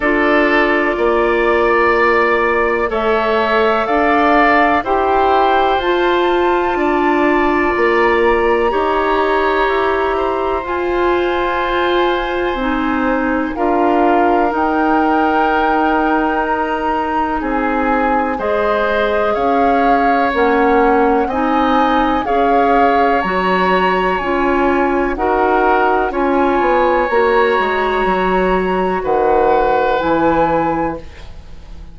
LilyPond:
<<
  \new Staff \with { instrumentName = "flute" } { \time 4/4 \tempo 4 = 62 d''2. e''4 | f''4 g''4 a''2 | ais''2. gis''4~ | gis''2 f''4 g''4~ |
g''4 ais''4 gis''4 dis''4 | f''4 fis''4 gis''4 f''4 | ais''4 gis''4 fis''4 gis''4 | ais''2 fis''4 gis''4 | }
  \new Staff \with { instrumentName = "oboe" } { \time 4/4 a'4 d''2 cis''4 | d''4 c''2 d''4~ | d''4 cis''4. c''4.~ | c''2 ais'2~ |
ais'2 gis'4 c''4 | cis''2 dis''4 cis''4~ | cis''2 ais'4 cis''4~ | cis''2 b'2 | }
  \new Staff \with { instrumentName = "clarinet" } { \time 4/4 f'2. a'4~ | a'4 g'4 f'2~ | f'4 g'2 f'4~ | f'4 dis'4 f'4 dis'4~ |
dis'2. gis'4~ | gis'4 cis'4 dis'4 gis'4 | fis'4 f'4 fis'4 f'4 | fis'2. e'4 | }
  \new Staff \with { instrumentName = "bassoon" } { \time 4/4 d'4 ais2 a4 | d'4 e'4 f'4 d'4 | ais4 dis'4 e'4 f'4~ | f'4 c'4 d'4 dis'4~ |
dis'2 c'4 gis4 | cis'4 ais4 c'4 cis'4 | fis4 cis'4 dis'4 cis'8 b8 | ais8 gis8 fis4 dis4 e4 | }
>>